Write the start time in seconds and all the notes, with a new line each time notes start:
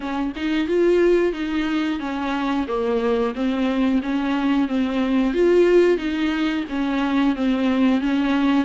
0.00 C#4
0.35 D#4
0.67 F4
1.32 D#4
1.99 C#4
2.67 A#3
3.34 C4
4.02 C#4
4.68 C4
5.33 F4
5.97 D#4
6.68 C#4
7.35 C4
8.01 C#4